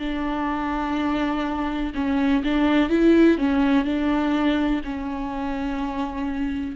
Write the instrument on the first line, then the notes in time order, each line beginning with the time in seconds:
viola
0.00 D4
1.95 C#4
2.45 D4
2.90 E4
3.38 C#4
3.85 D4
4.85 C#4